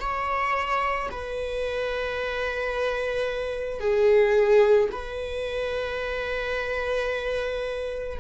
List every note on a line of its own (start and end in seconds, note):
0.00 1.09 C#5
1.11 3.80 B4
3.80 4.89 G#4
4.91 8.19 B4